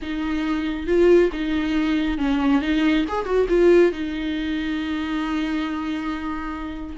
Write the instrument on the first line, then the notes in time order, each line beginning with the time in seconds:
viola
0.02 D#4
0.86 F4
1.32 D#4
2.18 C#4
2.61 D#4
3.08 G#4
3.25 F#4
3.49 F4
3.92 D#4